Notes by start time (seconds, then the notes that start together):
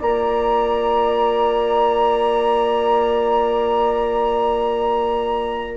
0.00 A#3 F4 D5 A#5